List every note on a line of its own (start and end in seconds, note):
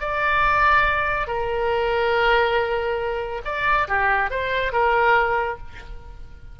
0.00 1.27 D5
1.27 3.41 A#4
3.45 3.87 D5
3.88 4.30 G4
4.30 4.72 C5
4.72 5.58 A#4